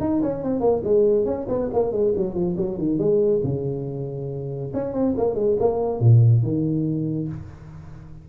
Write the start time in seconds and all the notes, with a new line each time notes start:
0.00 D#4
0.22 C#4
0.43 C4
0.60 A#3
0.84 G#3
1.25 C#4
1.48 B3
1.73 A#3
1.92 G#3
2.17 F#3
2.35 F3
2.57 F#3
2.78 D#3
2.98 G#3
3.44 C#3
4.74 C#4
4.93 C4
5.17 A#3
5.35 G#3
5.60 A#3
6.00 A#2
6.43 D#3